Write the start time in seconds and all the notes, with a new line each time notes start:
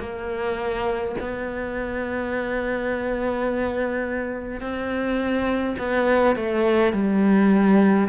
0.00 A#3
1.20 B3
4.60 C4
5.78 B3
6.36 A3
6.93 G3